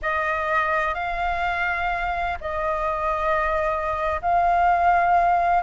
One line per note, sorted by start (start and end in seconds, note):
0.02 0.94 D#5
0.94 2.38 F5
2.40 4.20 D#5
4.21 5.63 F5